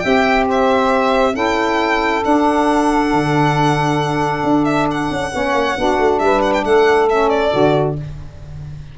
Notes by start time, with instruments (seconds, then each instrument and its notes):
0.00 tuba C4, saxophone G4 E5, violin G5
0.47 saxophone C5, violin E5
1.33 tuba C#4, saxophone E4 A4, violin G5
2.23 saxophone D4, tuba D4, violin F#5
3.14 tuba D3
4.44 tuba D4
4.65 violin E5
4.92 violin F#5
5.11 tuba C#4
5.32 tuba B3, saxophone C#4 C#5
5.54 tuba A#3
5.77 tuba B3, saxophone D4 F#4
5.99 tuba A3
6.19 tuba G3, saxophone B4, violin E5
6.42 violin F#5
6.54 violin G5
6.64 tuba A3, saxophone A4, violin F#5
7.10 saxophone C#4, violin E5
7.30 violin D5
7.52 tuba D3, saxophone F#4